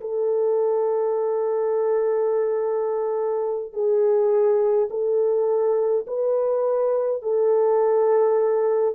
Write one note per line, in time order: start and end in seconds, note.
0.00 3.73 A4
3.73 4.88 G#4
4.90 6.05 A4
6.06 7.22 B4
7.22 8.95 A4